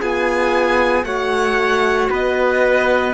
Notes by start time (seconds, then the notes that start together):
0.00 B3 F4 G#4 G#5
1.04 A3 F#4 C#5 F#5
2.11 B3 B4 D#5